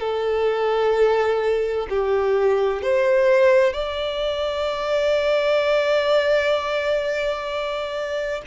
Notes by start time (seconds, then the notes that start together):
0.00 A4
1.90 G4
2.83 C5
3.74 D5